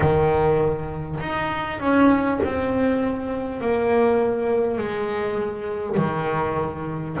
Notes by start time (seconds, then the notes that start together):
0.00 D#3
1.19 D#4
1.79 C#4
2.43 C4
3.60 A#3
4.77 G#3
5.97 D#3